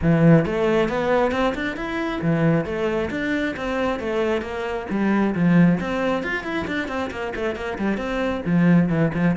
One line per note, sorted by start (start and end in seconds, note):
0.01 0.45 E3
0.45 0.88 A3
0.88 1.31 B3
1.31 1.53 C4
1.54 1.76 D4
1.76 2.21 E4
2.21 2.65 E3
2.65 3.09 A3
3.10 3.55 D4
3.56 3.99 C4
3.99 4.41 A3
4.41 4.86 A#3
4.89 5.34 G3
5.34 5.79 F3
5.80 6.23 C4
6.23 6.43 F4
6.43 6.65 E4
6.67 6.88 D4
6.88 7.10 C4
7.11 7.33 A#3
7.35 7.55 A3
7.55 7.78 A#3
7.78 7.97 G3
7.97 8.41 C4
8.45 8.89 F3
8.89 9.12 E3
9.14 9.36 F3